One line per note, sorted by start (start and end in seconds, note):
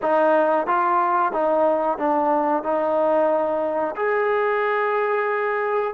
0.01 0.66 D#4
0.66 1.32 F4
1.32 1.98 D#4
1.98 2.63 D4
2.63 3.95 D#4
3.96 5.93 G#4